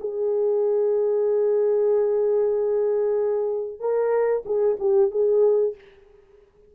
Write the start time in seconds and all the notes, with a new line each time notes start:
0.00 G#4
3.79 A#4
4.45 G#4
4.79 G4
5.11 G#4